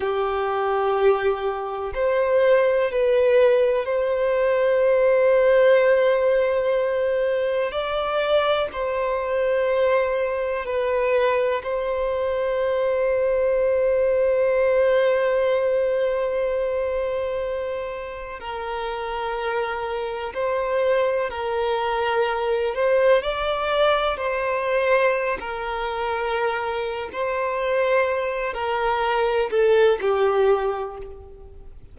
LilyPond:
\new Staff \with { instrumentName = "violin" } { \time 4/4 \tempo 4 = 62 g'2 c''4 b'4 | c''1 | d''4 c''2 b'4 | c''1~ |
c''2. ais'4~ | ais'4 c''4 ais'4. c''8 | d''4 c''4~ c''16 ais'4.~ ais'16 | c''4. ais'4 a'8 g'4 | }